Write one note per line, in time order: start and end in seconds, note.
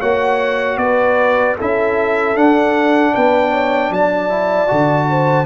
0.00 0.77 A#3
0.00 1.57 F#4
0.00 0.78 C#5
0.00 0.78 F#5
0.77 1.55 B3
0.77 1.57 B4
0.77 1.56 D5
1.57 2.36 C#4
1.57 2.36 E4
1.57 3.13 A4
1.57 2.37 E5
2.36 3.13 D4
2.36 4.29 D4
2.36 3.15 F#5
3.14 3.91 B3
3.14 3.51 B4
3.14 3.93 G5
3.51 3.90 C#5
3.91 4.69 F#3
3.91 5.08 D5
3.91 5.46 A5
4.29 4.68 E4
4.68 5.46 D3
4.68 5.46 F#4
5.09 5.46 C5